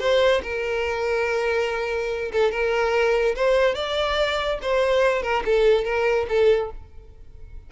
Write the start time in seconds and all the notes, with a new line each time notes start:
0.00 C5
0.43 A#4
2.32 A4
2.52 A#4
3.36 C5
3.75 D5
4.62 C5
5.23 A#4
5.45 A4
5.85 A#4
6.29 A4